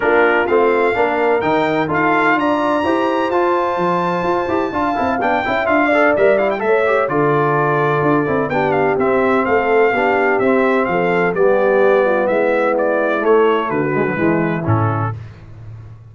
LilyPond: <<
  \new Staff \with { instrumentName = "trumpet" } { \time 4/4 \tempo 4 = 127 ais'4 f''2 g''4 | f''4 ais''2 a''4~ | a''2. g''4 | f''4 e''8 f''16 g''16 e''4 d''4~ |
d''2 g''8 f''8 e''4 | f''2 e''4 f''4 | d''2 e''4 d''4 | cis''4 b'2 a'4 | }
  \new Staff \with { instrumentName = "horn" } { \time 4/4 f'2 ais'2 | a'4 d''4 c''2~ | c''2 f''4. e''8~ | e''8 d''4. cis''4 a'4~ |
a'2 g'2 | a'4 g'2 a'4 | g'4. f'8 e'2~ | e'4 fis'4 e'2 | }
  \new Staff \with { instrumentName = "trombone" } { \time 4/4 d'4 c'4 d'4 dis'4 | f'2 g'4 f'4~ | f'4. g'8 f'8 e'8 d'8 e'8 | f'8 a'8 ais'8 e'8 a'8 g'8 f'4~ |
f'4. e'8 d'4 c'4~ | c'4 d'4 c'2 | b1 | a4. gis16 fis16 gis4 cis'4 | }
  \new Staff \with { instrumentName = "tuba" } { \time 4/4 ais4 a4 ais4 dis4 | dis'4 d'4 e'4 f'4 | f4 f'8 e'8 d'8 c'8 b8 cis'8 | d'4 g4 a4 d4~ |
d4 d'8 c'8 b4 c'4 | a4 b4 c'4 f4 | g2 gis2 | a4 d4 e4 a,4 | }
>>